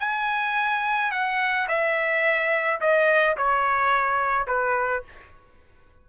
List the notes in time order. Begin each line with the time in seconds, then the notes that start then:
0.00 G#5
1.12 F#5
1.68 E5
2.81 D#5
3.37 C#5
4.47 B4